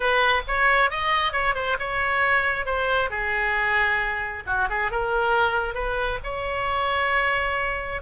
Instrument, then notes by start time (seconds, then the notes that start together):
oboe
0.00 B4
0.47 C#5
0.90 D#5
1.32 C#5
1.55 C5
1.79 C#5
2.65 C5
3.10 G#4
4.46 F#4
4.69 G#4
4.91 A#4
5.74 B4
6.23 C#5